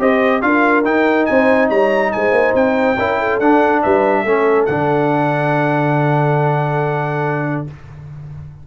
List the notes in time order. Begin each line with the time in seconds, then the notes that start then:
0.00 C4 G4 C5 D#5
0.42 D4 F4 A#4 F5
0.84 D#4 G5
1.26 C4 C5 G#5
1.69 G3 C#5 A#5
2.12 G#3 C5 G#5
2.31 A#3
2.55 C4 G5
2.98 C#4 E4 A#4
3.19 A4
3.40 D4 F#5
3.83 G3 B4 E5
4.23 A3 C#4 A4
4.66 D3 D4 F#5